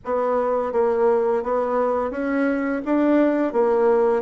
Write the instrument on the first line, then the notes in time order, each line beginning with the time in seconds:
bassoon
0.04 B3
0.72 A#3
1.43 B3
2.10 C#4
2.85 D4
3.52 A#3